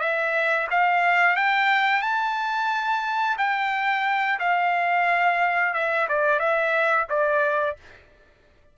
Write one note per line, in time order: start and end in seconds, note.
0.00 0.67 E5
0.71 1.36 F5
1.36 2.02 G5
2.02 3.37 A5
3.38 4.39 G5
4.39 5.74 F5
5.74 6.08 E5
6.09 6.40 D5
6.40 7.07 E5
7.09 7.77 D5